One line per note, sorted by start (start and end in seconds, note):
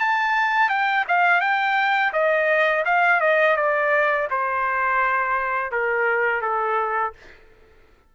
0.00 0.69 A5
0.69 1.05 G5
1.08 1.41 F5
1.41 2.13 G5
2.13 2.85 D#5
2.86 3.21 F5
3.21 3.57 D#5
3.57 4.28 D5
4.31 5.72 C5
5.72 6.42 A#4
6.42 7.14 A4